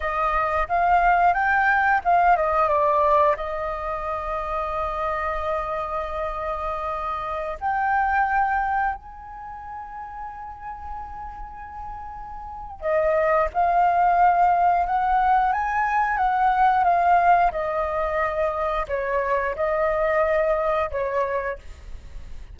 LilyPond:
\new Staff \with { instrumentName = "flute" } { \time 4/4 \tempo 4 = 89 dis''4 f''4 g''4 f''8 dis''8 | d''4 dis''2.~ | dis''2.~ dis''16 g''8.~ | g''4~ g''16 gis''2~ gis''8.~ |
gis''2. dis''4 | f''2 fis''4 gis''4 | fis''4 f''4 dis''2 | cis''4 dis''2 cis''4 | }